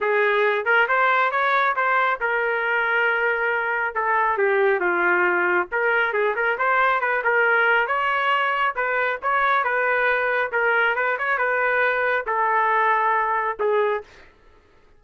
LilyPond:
\new Staff \with { instrumentName = "trumpet" } { \time 4/4 \tempo 4 = 137 gis'4. ais'8 c''4 cis''4 | c''4 ais'2.~ | ais'4 a'4 g'4 f'4~ | f'4 ais'4 gis'8 ais'8 c''4 |
b'8 ais'4. cis''2 | b'4 cis''4 b'2 | ais'4 b'8 cis''8 b'2 | a'2. gis'4 | }